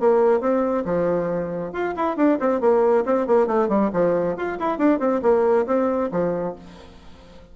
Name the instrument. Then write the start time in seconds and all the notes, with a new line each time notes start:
bassoon
0.00 A#3
0.41 C4
0.85 F3
1.73 F4
1.96 E4
2.17 D4
2.40 C4
2.61 A#3
3.06 C4
3.27 A#3
3.47 A3
3.69 G3
3.93 F3
4.37 F4
4.60 E4
4.79 D4
5.00 C4
5.23 A#3
5.67 C4
6.12 F3